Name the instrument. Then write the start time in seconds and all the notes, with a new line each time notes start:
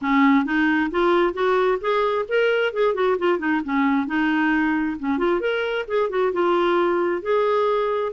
clarinet
0.01 C#4
0.45 D#4
0.90 F4
1.33 F#4
1.80 G#4
2.28 A#4
2.73 G#4
2.94 F#4
3.18 F4
3.38 D#4
3.64 C#4
4.06 D#4
4.99 C#4
5.18 F4
5.40 A#4
5.87 G#4
6.09 F#4
6.32 F4
7.22 G#4